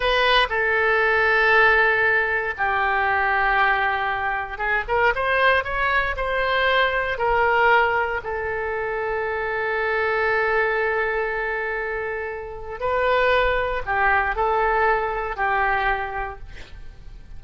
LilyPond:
\new Staff \with { instrumentName = "oboe" } { \time 4/4 \tempo 4 = 117 b'4 a'2.~ | a'4 g'2.~ | g'4 gis'8 ais'8 c''4 cis''4 | c''2 ais'2 |
a'1~ | a'1~ | a'4 b'2 g'4 | a'2 g'2 | }